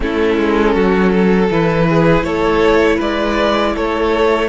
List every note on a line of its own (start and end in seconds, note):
0.00 0.37 A3
0.00 1.49 C#4
0.00 0.74 E4
0.00 1.51 A4
0.37 0.75 G#3
0.74 1.50 F#3
0.74 1.11 F#4
1.12 1.87 A4
1.50 2.23 E3
1.50 4.48 E4
1.50 2.23 B4
1.89 2.25 G#4
2.23 2.98 A3
2.23 2.96 A4
2.23 2.98 C#5
2.96 3.75 G#3
2.96 3.71 B4
2.96 3.76 D5
3.74 4.48 A3
3.74 4.48 A4
3.74 4.48 C#5